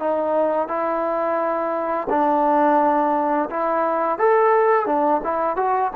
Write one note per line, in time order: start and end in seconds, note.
0.00 0.68 D#4
0.68 2.08 E4
2.10 3.49 D4
3.51 4.19 E4
4.19 4.87 A4
4.87 5.22 D4
5.24 5.57 E4
5.57 5.92 F#4